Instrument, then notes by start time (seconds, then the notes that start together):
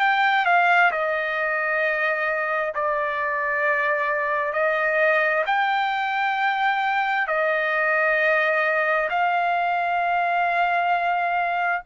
trumpet
0.00 G5
0.45 F5
0.92 D#5
2.74 D5
4.53 D#5
5.46 G5
7.27 D#5
9.10 F5